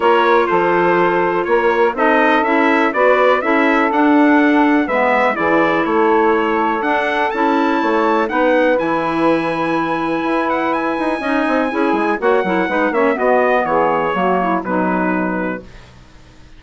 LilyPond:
<<
  \new Staff \with { instrumentName = "trumpet" } { \time 4/4 \tempo 4 = 123 cis''4 c''2 cis''4 | dis''4 e''4 d''4 e''4 | fis''2 e''4 d''4 | cis''2 fis''4 a''4~ |
a''4 fis''4 gis''2~ | gis''4. fis''8 gis''2~ | gis''4 fis''4. e''8 dis''4 | cis''2 b'2 | }
  \new Staff \with { instrumentName = "saxophone" } { \time 4/4 ais'4 a'2 ais'4 | a'2 b'4 a'4~ | a'2 b'4 gis'4 | a'1 |
cis''4 b'2.~ | b'2. dis''4 | gis'4 cis''8 ais'8 b'8 cis''8 fis'4 | gis'4 fis'8 e'8 dis'2 | }
  \new Staff \with { instrumentName = "clarinet" } { \time 4/4 f'1 | dis'4 e'4 fis'4 e'4 | d'2 b4 e'4~ | e'2 d'4 e'4~ |
e'4 dis'4 e'2~ | e'2. dis'4 | e'4 fis'8 e'8 dis'8 cis'8 b4~ | b4 ais4 fis2 | }
  \new Staff \with { instrumentName = "bassoon" } { \time 4/4 ais4 f2 ais4 | c'4 cis'4 b4 cis'4 | d'2 gis4 e4 | a2 d'4 cis'4 |
a4 b4 e2~ | e4 e'4. dis'8 cis'8 c'8 | cis'8 gis8 ais8 fis8 gis8 ais8 b4 | e4 fis4 b,2 | }
>>